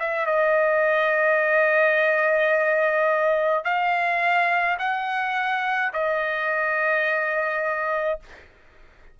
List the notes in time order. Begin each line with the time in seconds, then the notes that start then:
0.00 E5
0.26 D#5
3.64 F5
4.79 F#5
5.93 D#5